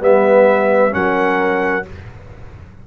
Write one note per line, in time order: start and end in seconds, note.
0.00 0.93 G3
0.00 0.91 B3
0.00 0.94 B4
0.00 0.93 E5
0.91 1.87 F#3
0.91 1.83 C#4
0.91 1.87 A#4
0.91 1.86 F#5